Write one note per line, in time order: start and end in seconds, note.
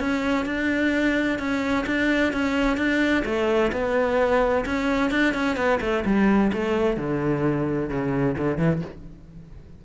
0.00 0.46 C#4
0.46 1.39 D4
1.39 1.86 C#4
1.87 2.33 D4
2.33 2.78 C#4
2.78 3.24 D4
3.26 3.72 A3
3.72 4.65 B3
4.66 5.11 C#4
5.11 5.34 D4
5.35 5.57 C#4
5.57 5.80 B3
5.81 6.05 A3
6.06 6.52 G3
6.53 6.97 A3
6.97 7.90 D3
7.90 8.37 C#3
8.38 8.58 D3
8.58 8.82 E3